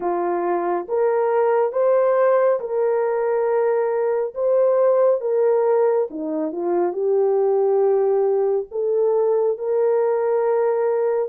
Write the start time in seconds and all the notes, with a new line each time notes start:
0.00 F4
0.88 A#4
1.72 C5
2.60 A#4
4.34 C5
5.21 A#4
6.10 D#4
6.52 F4
6.92 G4
8.71 A4
9.58 A#4